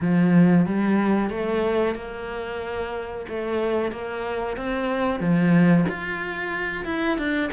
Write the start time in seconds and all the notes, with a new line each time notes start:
0.00 F3
0.66 G3
1.30 A3
1.95 A#3
3.28 A3
3.91 A#3
4.56 C4
5.20 F3
5.89 F4
6.85 E4
7.17 D4